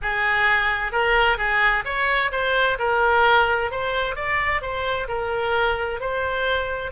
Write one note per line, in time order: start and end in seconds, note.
0.01 0.91 G#4
0.91 1.37 A#4
1.37 1.83 G#4
1.85 2.31 C#5
2.31 2.78 C5
2.78 3.71 A#4
3.71 4.15 C5
4.15 4.61 D5
4.61 5.07 C5
5.08 6.00 A#4
6.00 6.91 C5